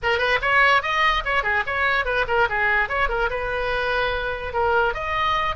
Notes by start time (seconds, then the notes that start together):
0.03 A#4
0.18 B4
0.41 C#5
0.82 D#5
1.24 C#5
1.43 G#4
1.66 C#5
2.05 B4
2.27 A#4
2.49 G#4
2.89 C#5
3.09 A#4
3.30 B4
4.53 A#4
4.94 D#5